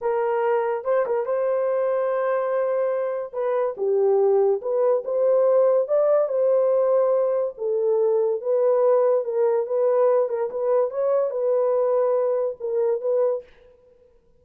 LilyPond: \new Staff \with { instrumentName = "horn" } { \time 4/4 \tempo 4 = 143 ais'2 c''8 ais'8 c''4~ | c''1 | b'4 g'2 b'4 | c''2 d''4 c''4~ |
c''2 a'2 | b'2 ais'4 b'4~ | b'8 ais'8 b'4 cis''4 b'4~ | b'2 ais'4 b'4 | }